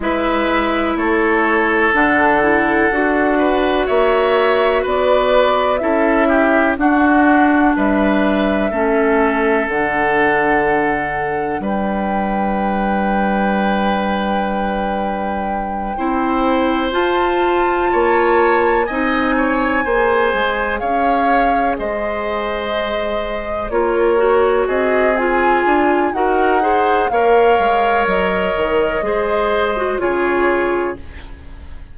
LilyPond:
<<
  \new Staff \with { instrumentName = "flute" } { \time 4/4 \tempo 4 = 62 e''4 cis''4 fis''2 | e''4 d''4 e''4 fis''4 | e''2 fis''2 | g''1~ |
g''4. a''2 gis''8~ | gis''4. f''4 dis''4.~ | dis''8 cis''4 dis''8 gis''4 fis''4 | f''4 dis''2 cis''4 | }
  \new Staff \with { instrumentName = "oboe" } { \time 4/4 b'4 a'2~ a'8 b'8 | cis''4 b'4 a'8 g'8 fis'4 | b'4 a'2. | b'1~ |
b'8 c''2 cis''4 dis''8 | cis''8 c''4 cis''4 c''4.~ | c''8 ais'4 gis'4. ais'8 c''8 | cis''2 c''4 gis'4 | }
  \new Staff \with { instrumentName = "clarinet" } { \time 4/4 e'2 d'8 e'8 fis'4~ | fis'2 e'4 d'4~ | d'4 cis'4 d'2~ | d'1~ |
d'8 e'4 f'2 dis'8~ | dis'8 gis'2.~ gis'8~ | gis'8 f'8 fis'4 f'4 fis'8 gis'8 | ais'2 gis'8. fis'16 f'4 | }
  \new Staff \with { instrumentName = "bassoon" } { \time 4/4 gis4 a4 d4 d'4 | ais4 b4 cis'4 d'4 | g4 a4 d2 | g1~ |
g8 c'4 f'4 ais4 c'8~ | c'8 ais8 gis8 cis'4 gis4.~ | gis8 ais4 c'4 d'8 dis'4 | ais8 gis8 fis8 dis8 gis4 cis4 | }
>>